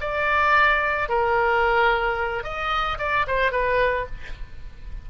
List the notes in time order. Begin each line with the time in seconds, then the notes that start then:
0.00 D5
1.09 A#4
2.43 D#5
2.98 D5
3.27 C5
3.51 B4